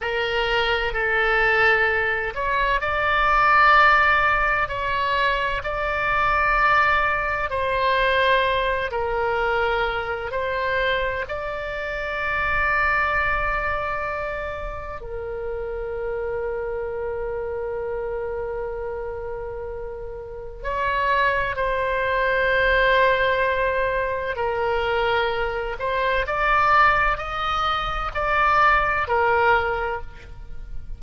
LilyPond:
\new Staff \with { instrumentName = "oboe" } { \time 4/4 \tempo 4 = 64 ais'4 a'4. cis''8 d''4~ | d''4 cis''4 d''2 | c''4. ais'4. c''4 | d''1 |
ais'1~ | ais'2 cis''4 c''4~ | c''2 ais'4. c''8 | d''4 dis''4 d''4 ais'4 | }